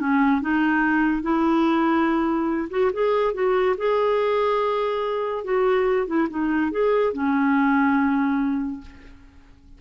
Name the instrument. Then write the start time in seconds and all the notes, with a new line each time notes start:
clarinet
0.00 C#4
0.42 D#4
1.22 E4
2.70 F#4
2.93 G#4
3.34 F#4
3.78 G#4
5.44 F#4
6.07 E4
6.30 D#4
6.71 G#4
7.13 C#4